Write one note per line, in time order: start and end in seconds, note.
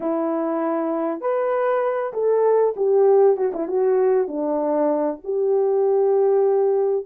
0.00 1.21 E4
1.21 2.12 B4
2.13 2.74 A4
2.76 3.36 G4
3.36 3.52 F#4
3.53 3.67 E4
3.67 4.27 F#4
4.27 5.19 D4
5.23 7.06 G4